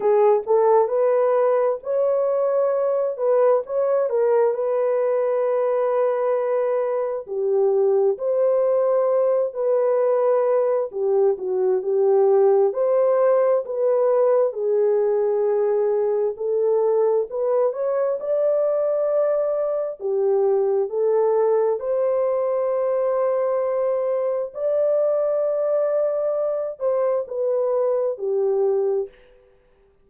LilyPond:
\new Staff \with { instrumentName = "horn" } { \time 4/4 \tempo 4 = 66 gis'8 a'8 b'4 cis''4. b'8 | cis''8 ais'8 b'2. | g'4 c''4. b'4. | g'8 fis'8 g'4 c''4 b'4 |
gis'2 a'4 b'8 cis''8 | d''2 g'4 a'4 | c''2. d''4~ | d''4. c''8 b'4 g'4 | }